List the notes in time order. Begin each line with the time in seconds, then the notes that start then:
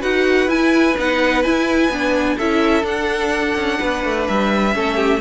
0.00 D#4 F#4 B4 F#5
0.48 E4 G#5
0.98 B3 D#4 F#5
1.43 E4 G#5
1.89 B3 D4
2.37 C#4 E4 A4 E5
2.83 D4 F#5
3.56 C#4
3.79 B3 B4
4.05 A3
4.27 G3 E5
4.73 A3 C#4 A4
4.96 G4